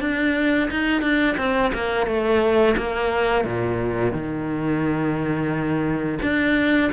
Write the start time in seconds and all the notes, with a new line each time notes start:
0.00 D4
0.70 D#4
1.01 D4
1.37 C4
1.73 A#3
2.06 A3
2.76 A#3
3.45 A#2
4.12 D#3
6.22 D4